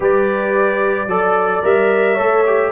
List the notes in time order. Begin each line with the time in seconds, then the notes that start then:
0.00 G3 G4 B4 D5
1.06 F#3 A4 D5
1.63 G3 A#4 E5
2.14 A3 A4 C#5
2.46 G4